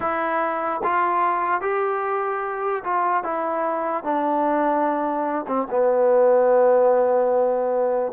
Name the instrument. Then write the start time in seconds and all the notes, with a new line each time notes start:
trombone
0.00 E4
0.83 F4
1.61 G4
2.84 F4
3.23 E4
4.03 D4
5.47 C4
5.70 B3